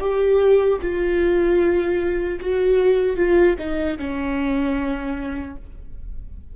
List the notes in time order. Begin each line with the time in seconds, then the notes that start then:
0.00 G4
0.82 F4
2.40 F#4
3.17 F4
3.58 D#4
3.98 C#4